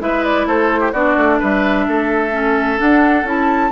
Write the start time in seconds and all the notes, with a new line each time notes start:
0.00 G#3 E4 B4 E5
0.24 D5
0.46 A3 A4 C5
0.79 G4
0.92 B3 D4 F#4 D5
1.16 A3
1.39 G3 B4 E5
1.87 A3 A4
2.31 C#4
2.77 D4 F#5
3.23 C#4 E4 A5